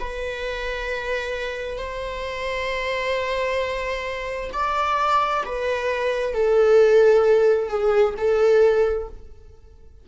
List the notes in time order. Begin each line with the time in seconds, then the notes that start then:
0.00 B4
1.78 C5
4.53 D5
5.45 B4
6.34 A4
7.69 G#4
8.18 A4